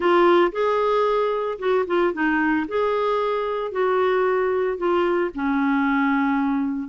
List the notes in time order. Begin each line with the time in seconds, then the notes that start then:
0.00 F4
0.52 G#4
1.58 F#4
1.87 F4
2.13 D#4
2.68 G#4
3.71 F#4
4.77 F4
5.34 C#4